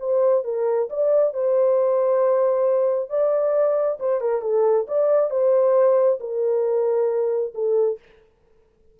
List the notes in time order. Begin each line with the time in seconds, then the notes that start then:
0.00 C5
0.44 A#4
0.90 D5
1.34 C5
3.10 D5
4.00 C5
4.21 A#4
4.42 A4
4.88 D5
5.31 C5
6.21 A#4
7.55 A4